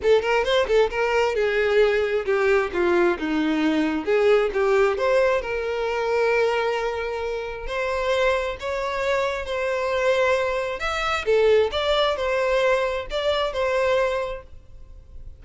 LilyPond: \new Staff \with { instrumentName = "violin" } { \time 4/4 \tempo 4 = 133 a'8 ais'8 c''8 a'8 ais'4 gis'4~ | gis'4 g'4 f'4 dis'4~ | dis'4 gis'4 g'4 c''4 | ais'1~ |
ais'4 c''2 cis''4~ | cis''4 c''2. | e''4 a'4 d''4 c''4~ | c''4 d''4 c''2 | }